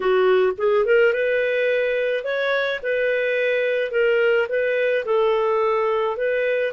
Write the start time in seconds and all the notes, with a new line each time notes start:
0.00 F#4
0.57 G#4
0.85 A#4
1.13 B4
2.24 C#5
2.82 B4
3.91 A#4
4.49 B4
5.05 A4
6.17 B4